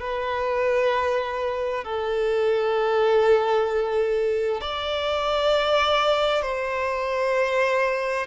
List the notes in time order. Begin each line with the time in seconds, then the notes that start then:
0.00 B4
1.85 A4
4.61 D5
6.42 C5